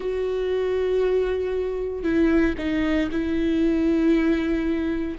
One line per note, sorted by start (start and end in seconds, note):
0.00 2.03 F#4
2.03 2.55 E4
2.57 3.09 D#4
3.11 5.18 E4